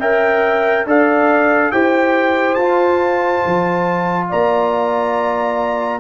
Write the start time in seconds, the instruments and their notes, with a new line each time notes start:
0.00 tuba C#4, trombone A#4, horn E5, trumpet G5
0.86 tuba D4, trombone A4, horn D5, trumpet F5
1.72 tuba E4, trombone G4, horn C5, trumpet G5
2.55 tuba F4, trombone F4, trumpet A5
3.46 tuba F3
4.29 tuba A#3, horn D5, trumpet A#5